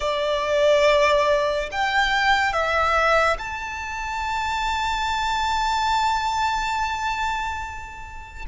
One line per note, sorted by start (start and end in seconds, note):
0.00 1.69 D5
1.71 2.52 G5
2.52 3.37 E5
3.38 8.45 A5